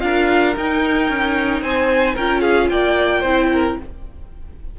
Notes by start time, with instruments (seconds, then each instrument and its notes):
0.00 cello D4, viola F4, violin A#4 F5
0.57 cello D#4, viola D#4, violin G5
1.09 cello C#4
1.61 cello C4, violin C5 G#5
2.15 cello C#4, viola F4, violin A#4 G5
2.41 violin G#4 F5
2.69 cello A#3, violin D5 G5
3.20 cello C4, viola E4, violin C5
3.52 violin A#4